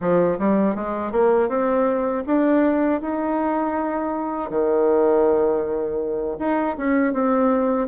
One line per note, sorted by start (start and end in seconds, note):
0.00 0.38 F3
0.38 0.75 G3
0.75 1.11 G#3
1.11 1.48 A#3
1.48 2.23 C4
2.26 3.01 D4
3.01 4.50 D#4
4.50 6.37 D#3
6.39 6.76 D#4
6.77 7.13 C#4
7.13 7.88 C4